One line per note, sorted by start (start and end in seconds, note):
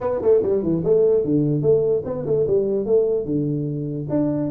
0.00 0.21 B3
0.21 0.42 A3
0.42 0.62 G3
0.62 0.83 E3
0.84 1.24 A3
1.24 1.62 D3
1.62 2.02 A3
2.05 2.25 B3
2.26 2.46 A3
2.46 2.85 G3
2.85 3.25 A3
3.25 4.07 D3
4.09 4.50 D4